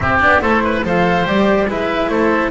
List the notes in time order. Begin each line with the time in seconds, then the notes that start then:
0.00 C4 G4 E5
0.19 B3 D4 D5
0.41 A3 E4 A4 C5
0.64 B4
0.83 F3 A4 C5 F5
1.24 G3 G4 D5
1.67 G#3 E4 B4 E5
2.08 A3 A4 C5